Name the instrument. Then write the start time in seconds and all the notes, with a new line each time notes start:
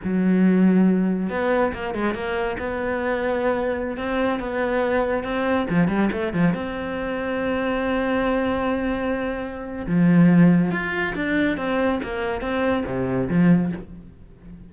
cello
0.04 F#3
1.29 B3
1.73 A#3
1.94 G#3
2.14 A#3
2.58 B3
3.97 C4
4.39 B3
5.23 C4
5.69 F3
5.88 G3
6.11 A3
6.33 F3
6.54 C4
9.86 F3
10.71 F4
11.15 D4
11.57 C4
12.03 A#3
12.41 C4
12.86 C3
13.29 F3